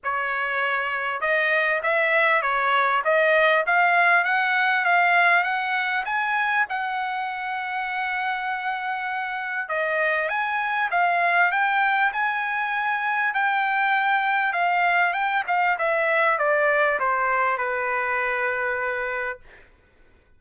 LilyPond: \new Staff \with { instrumentName = "trumpet" } { \time 4/4 \tempo 4 = 99 cis''2 dis''4 e''4 | cis''4 dis''4 f''4 fis''4 | f''4 fis''4 gis''4 fis''4~ | fis''1 |
dis''4 gis''4 f''4 g''4 | gis''2 g''2 | f''4 g''8 f''8 e''4 d''4 | c''4 b'2. | }